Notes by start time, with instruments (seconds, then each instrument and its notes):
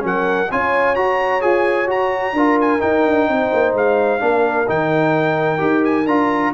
0.00 tuba F#3, trombone C#4, horn A#4, trumpet F#5
0.51 tuba C#4, trombone F4, horn C#5, trumpet G#5
0.95 trombone F#4, tuba F#4, trumpet A#5
1.41 tuba F4, trombone G#4, trumpet G#5
1.87 trombone F#4, tuba F#4, trumpet A#5
2.33 tuba D4, trombone F4, horn A#4
2.61 trumpet G#5
2.79 trombone D#4, tuba D#4, trumpet G5
3.06 tuba D4
3.28 tuba C4, horn C5
3.53 tuba A#3
3.74 tuba G#3, trumpet F5
4.19 tuba A#3, trombone D4, horn A#4
4.67 tuba D#3, trombone D#4, trumpet G5
5.58 tuba D#4, trombone G4
5.84 trumpet G#5
6.06 tuba D4, trombone F4, trumpet A#5